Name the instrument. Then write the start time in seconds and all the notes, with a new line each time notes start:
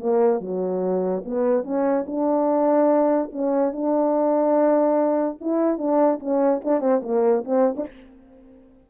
horn
0.00 A#3
0.41 F#3
1.26 B3
1.64 C#4
2.07 D4
3.33 C#4
3.73 D4
5.41 E4
5.78 D4
6.20 C#4
6.65 D4
6.81 C4
7.03 A#3
7.45 C4
7.77 D4